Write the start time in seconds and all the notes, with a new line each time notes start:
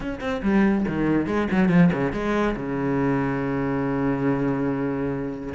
0.00 C#4
0.20 C4
0.42 G3
0.87 D#3
1.26 G#3
1.51 F#3
1.68 F3
1.93 C#3
2.12 G#3
2.56 C#3